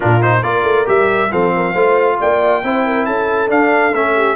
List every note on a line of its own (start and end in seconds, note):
0.00 0.42 A#2
0.00 0.21 D4
0.00 0.43 F4
0.00 0.22 A#4
0.21 0.43 D#4
0.21 0.43 C5
0.42 0.63 A#3
0.42 0.85 F4
0.42 1.31 A#4
0.42 0.86 D5
0.63 0.85 A3
0.85 1.31 G3
0.85 1.29 G4
0.85 1.32 E5
1.31 1.74 F3
1.31 1.75 C4
1.31 1.53 A4
1.31 2.19 F5
1.56 1.72 A#4
1.72 2.18 A3
1.72 2.62 F4
1.72 2.16 C5
2.20 2.63 A#3
2.20 2.64 D5
2.20 3.05 G5
2.63 3.07 C4
2.63 3.48 E4
2.63 2.86 C5
2.86 3.06 A#4
3.05 3.50 C#4
3.05 4.15 A4
3.05 3.49 A5
3.48 3.91 D4
3.48 3.93 D4
3.48 3.94 F5
3.93 4.36 A3
3.93 4.36 C#4
3.93 4.36 E5
4.15 4.36 G4